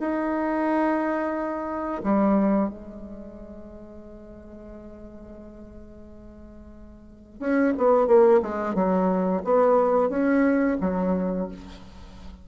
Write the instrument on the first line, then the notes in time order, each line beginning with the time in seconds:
bassoon
0.00 D#4
2.04 G3
2.69 G#3
7.40 C#4
7.78 B3
8.07 A#3
8.43 G#3
8.75 F#3
9.45 B3
10.10 C#4
10.81 F#3